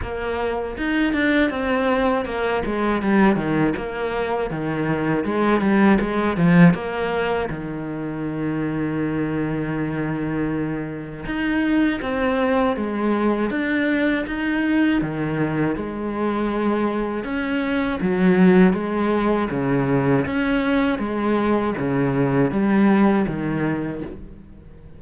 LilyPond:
\new Staff \with { instrumentName = "cello" } { \time 4/4 \tempo 4 = 80 ais4 dis'8 d'8 c'4 ais8 gis8 | g8 dis8 ais4 dis4 gis8 g8 | gis8 f8 ais4 dis2~ | dis2. dis'4 |
c'4 gis4 d'4 dis'4 | dis4 gis2 cis'4 | fis4 gis4 cis4 cis'4 | gis4 cis4 g4 dis4 | }